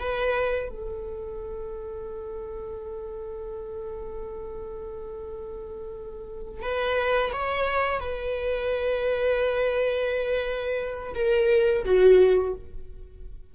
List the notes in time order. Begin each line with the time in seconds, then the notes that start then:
0.00 B4
0.69 A4
6.62 B4
7.33 C#5
8.00 B4
11.15 A#4
11.85 F#4